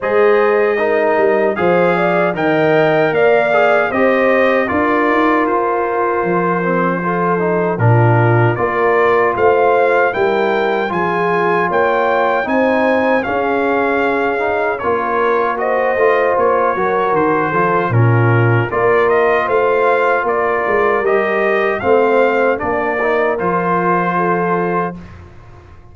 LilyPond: <<
  \new Staff \with { instrumentName = "trumpet" } { \time 4/4 \tempo 4 = 77 dis''2 f''4 g''4 | f''4 dis''4 d''4 c''4~ | c''2 ais'4 d''4 | f''4 g''4 gis''4 g''4 |
gis''4 f''2 cis''4 | dis''4 cis''4 c''4 ais'4 | d''8 dis''8 f''4 d''4 dis''4 | f''4 d''4 c''2 | }
  \new Staff \with { instrumentName = "horn" } { \time 4/4 c''4 ais'4 c''8 d''8 dis''4 | d''4 c''4 ais'2~ | ais'4 a'4 f'4 ais'4 | c''4 ais'4 gis'4 cis''4 |
c''4 gis'2 ais'4 | c''4. ais'4 a'8 f'4 | ais'4 c''4 ais'2 | c''4 ais'2 a'4 | }
  \new Staff \with { instrumentName = "trombone" } { \time 4/4 gis'4 dis'4 gis'4 ais'4~ | ais'8 gis'8 g'4 f'2~ | f'8 c'8 f'8 dis'8 d'4 f'4~ | f'4 e'4 f'2 |
dis'4 cis'4. dis'8 f'4 | fis'8 f'4 fis'4 f'8 cis'4 | f'2. g'4 | c'4 d'8 dis'8 f'2 | }
  \new Staff \with { instrumentName = "tuba" } { \time 4/4 gis4. g8 f4 dis4 | ais4 c'4 d'8 dis'8 f'4 | f2 ais,4 ais4 | a4 g4 f4 ais4 |
c'4 cis'2 ais4~ | ais8 a8 ais8 fis8 dis8 f8 ais,4 | ais4 a4 ais8 gis8 g4 | a4 ais4 f2 | }
>>